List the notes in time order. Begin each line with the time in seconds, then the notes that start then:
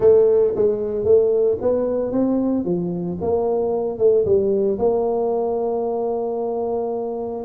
0.00 A3
0.55 G#3
1.04 A3
1.61 B3
2.11 C4
2.64 F3
3.21 A#3
3.98 A3
4.25 G3
4.79 A#3